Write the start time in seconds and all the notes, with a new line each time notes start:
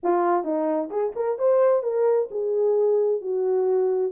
0.03 F4
0.44 D#4
0.90 G#4
1.15 A#4
1.38 C5
1.82 A#4
2.30 G#4
3.21 F#4